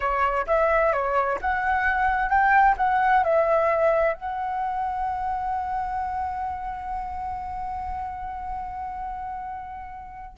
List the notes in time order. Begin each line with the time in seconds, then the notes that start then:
0.00 C#5
0.46 E5
0.92 C#5
1.41 F#5
2.29 G5
2.77 F#5
3.23 E5
4.13 F#5